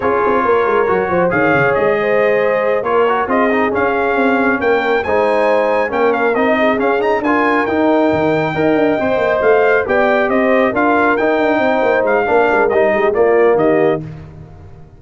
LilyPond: <<
  \new Staff \with { instrumentName = "trumpet" } { \time 4/4 \tempo 4 = 137 cis''2. f''4 | dis''2~ dis''8 cis''4 dis''8~ | dis''8 f''2 g''4 gis''8~ | gis''4. g''8 f''8 dis''4 f''8 |
ais''8 gis''4 g''2~ g''8~ | g''4. f''4 g''4 dis''8~ | dis''8 f''4 g''2 f''8~ | f''4 dis''4 d''4 dis''4 | }
  \new Staff \with { instrumentName = "horn" } { \time 4/4 gis'4 ais'4. c''8 cis''4~ | cis''8 c''2 ais'4 gis'8~ | gis'2~ gis'8 ais'4 c''8~ | c''4. ais'4. gis'4~ |
gis'8 ais'2. dis''8~ | dis''2~ dis''8 d''4 c''8~ | c''8 ais'2 c''4. | ais'4. g'8 f'4 g'4 | }
  \new Staff \with { instrumentName = "trombone" } { \time 4/4 f'2 fis'4 gis'4~ | gis'2~ gis'8 f'8 fis'8 f'8 | dis'8 cis'2. dis'8~ | dis'4. cis'4 dis'4 cis'8 |
dis'8 f'4 dis'2 ais'8~ | ais'8 c''2 g'4.~ | g'8 f'4 dis'2~ dis'8 | d'4 dis'4 ais2 | }
  \new Staff \with { instrumentName = "tuba" } { \time 4/4 cis'8 c'8 ais8 gis8 fis8 f8 dis8 cis8 | gis2~ gis8 ais4 c'8~ | c'8 cis'4 c'4 ais4 gis8~ | gis4. ais4 c'4 cis'8~ |
cis'8 d'4 dis'4 dis4 dis'8 | d'8 c'8 ais8 a4 b4 c'8~ | c'8 d'4 dis'8 d'8 c'8 ais8 gis8 | ais8 gis8 g8 gis8 ais4 dis4 | }
>>